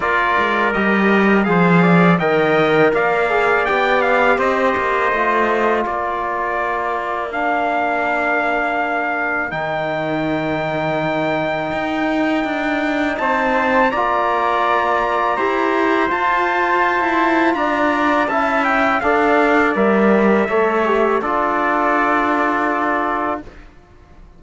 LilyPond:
<<
  \new Staff \with { instrumentName = "trumpet" } { \time 4/4 \tempo 4 = 82 d''4 dis''4 f''4 g''4 | f''4 g''8 f''8 dis''2 | d''2 f''2~ | f''4 g''2.~ |
g''2 a''4 ais''4~ | ais''2 a''2 | ais''4 a''8 g''8 f''4 e''4~ | e''4 d''2. | }
  \new Staff \with { instrumentName = "trumpet" } { \time 4/4 ais'2 c''8 d''8 dis''4 | d''2 c''2 | ais'1~ | ais'1~ |
ais'2 c''4 d''4~ | d''4 c''2. | d''4 e''4 d''2 | cis''4 a'2. | }
  \new Staff \with { instrumentName = "trombone" } { \time 4/4 f'4 g'4 gis'4 ais'4~ | ais'8 gis'8 g'2 f'4~ | f'2 d'2~ | d'4 dis'2.~ |
dis'2. f'4~ | f'4 g'4 f'2~ | f'4 e'4 a'4 ais'4 | a'8 g'8 f'2. | }
  \new Staff \with { instrumentName = "cello" } { \time 4/4 ais8 gis8 g4 f4 dis4 | ais4 b4 c'8 ais8 a4 | ais1~ | ais4 dis2. |
dis'4 d'4 c'4 ais4~ | ais4 e'4 f'4~ f'16 e'8. | d'4 cis'4 d'4 g4 | a4 d'2. | }
>>